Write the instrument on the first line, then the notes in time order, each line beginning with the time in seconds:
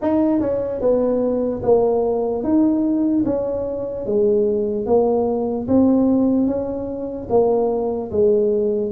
tuba
0.01 D#4
0.40 C#4
0.80 B3
1.63 A#3
2.43 D#4
3.25 C#4
4.05 G#3
4.86 A#3
5.68 C4
6.46 C#4
7.29 A#3
8.11 G#3